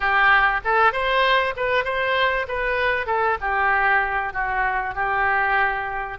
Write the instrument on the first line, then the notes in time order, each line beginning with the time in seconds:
oboe
0.00 G4
0.64 A4
0.92 C5
1.56 B4
1.84 C5
2.47 B4
3.06 A4
3.40 G4
4.33 F#4
4.94 G4